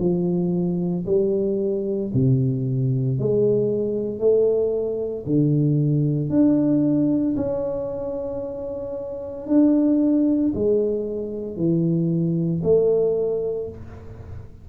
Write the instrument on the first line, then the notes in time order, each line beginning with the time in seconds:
tuba
0.00 F3
1.06 G3
2.13 C3
3.19 G#3
4.19 A3
5.26 D3
6.30 D4
7.37 C#4
9.47 D4
10.55 G#3
11.56 E3
12.64 A3